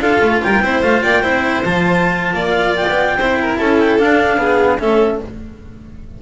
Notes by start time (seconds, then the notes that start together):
0.00 D4 F4 A4 F5
0.21 A3
0.43 G3 A#4 G5
0.60 C4 E4 C5
0.83 A3 F4 F5
1.03 A#3 D5 G5
1.22 C4 E4 C5
1.65 F3 F4 A5
2.34 A#3 D5
2.49 F5
2.76 G5
2.89 B3
3.17 C4 E4 C5
3.41 A#4
3.56 C#4 A4 A5
3.80 G5
3.99 D4 F5
4.38 B3 G#4
4.79 A3 C#4 A4 E5